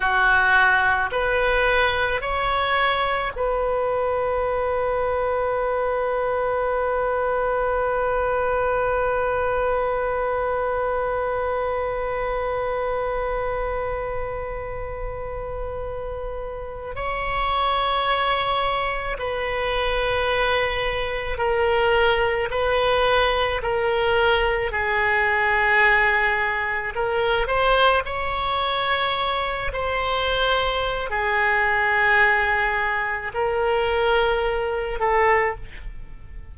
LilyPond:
\new Staff \with { instrumentName = "oboe" } { \time 4/4 \tempo 4 = 54 fis'4 b'4 cis''4 b'4~ | b'1~ | b'1~ | b'2.~ b'16 cis''8.~ |
cis''4~ cis''16 b'2 ais'8.~ | ais'16 b'4 ais'4 gis'4.~ gis'16~ | gis'16 ais'8 c''8 cis''4. c''4~ c''16 | gis'2 ais'4. a'8 | }